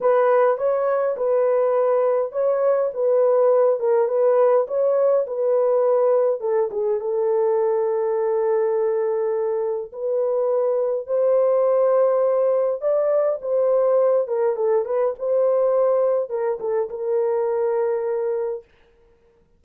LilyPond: \new Staff \with { instrumentName = "horn" } { \time 4/4 \tempo 4 = 103 b'4 cis''4 b'2 | cis''4 b'4. ais'8 b'4 | cis''4 b'2 a'8 gis'8 | a'1~ |
a'4 b'2 c''4~ | c''2 d''4 c''4~ | c''8 ais'8 a'8 b'8 c''2 | ais'8 a'8 ais'2. | }